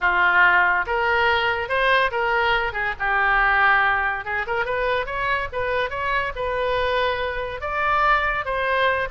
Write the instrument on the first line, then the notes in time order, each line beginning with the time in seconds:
oboe
0.01 F4
0.86 A#4
1.68 C5
2.11 A#4
2.73 G#4
2.99 G4
4.24 G#4
4.46 A#4
4.65 B4
5.06 C#5
5.52 B4
5.90 C#5
6.35 B4
7.60 D5
8.45 C5